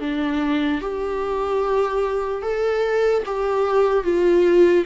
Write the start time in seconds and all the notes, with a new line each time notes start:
0.00 D4
0.81 G4
2.42 A4
3.26 G4
4.04 F4